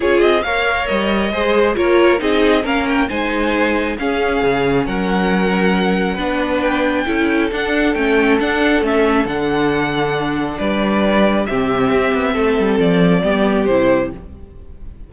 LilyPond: <<
  \new Staff \with { instrumentName = "violin" } { \time 4/4 \tempo 4 = 136 cis''8 dis''8 f''4 dis''2 | cis''4 dis''4 f''8 g''8 gis''4~ | gis''4 f''2 fis''4~ | fis''2. g''4~ |
g''4 fis''4 g''4 fis''4 | e''4 fis''2. | d''2 e''2~ | e''4 d''2 c''4 | }
  \new Staff \with { instrumentName = "violin" } { \time 4/4 gis'4 cis''2 c''4 | ais'4 gis'4 ais'4 c''4~ | c''4 gis'2 ais'4~ | ais'2 b'2 |
a'1~ | a'1 | b'2 g'2 | a'2 g'2 | }
  \new Staff \with { instrumentName = "viola" } { \time 4/4 f'4 ais'2 gis'4 | f'4 dis'4 cis'4 dis'4~ | dis'4 cis'2.~ | cis'2 d'2 |
e'4 d'4 cis'4 d'4 | cis'4 d'2.~ | d'2 c'2~ | c'2 b4 e'4 | }
  \new Staff \with { instrumentName = "cello" } { \time 4/4 cis'8 c'8 ais4 g4 gis4 | ais4 c'4 ais4 gis4~ | gis4 cis'4 cis4 fis4~ | fis2 b2 |
cis'4 d'4 a4 d'4 | a4 d2. | g2 c4 c'8 b8 | a8 g8 f4 g4 c4 | }
>>